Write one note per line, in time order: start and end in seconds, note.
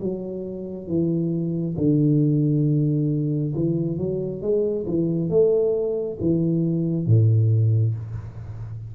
0.00 0.87 F#3
0.87 1.75 E3
1.77 3.53 D3
3.55 3.97 E3
3.97 4.41 F#3
4.41 4.85 G#3
4.86 5.29 E3
5.29 6.18 A3
6.20 7.06 E3
7.06 7.94 A2